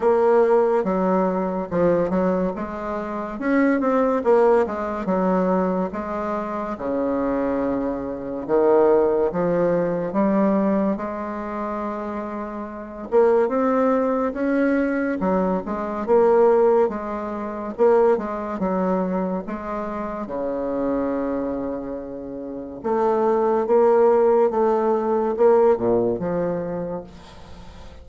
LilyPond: \new Staff \with { instrumentName = "bassoon" } { \time 4/4 \tempo 4 = 71 ais4 fis4 f8 fis8 gis4 | cis'8 c'8 ais8 gis8 fis4 gis4 | cis2 dis4 f4 | g4 gis2~ gis8 ais8 |
c'4 cis'4 fis8 gis8 ais4 | gis4 ais8 gis8 fis4 gis4 | cis2. a4 | ais4 a4 ais8 ais,8 f4 | }